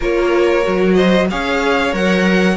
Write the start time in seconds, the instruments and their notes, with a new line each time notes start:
0.00 cello A#3, viola F4, violin A#4 C#5
0.62 cello F#3, viola F#4
0.94 violin C5 D#5
1.30 cello C#4, viola G#4, violin C#5 F5
1.91 cello F#3, viola A#4, violin F#5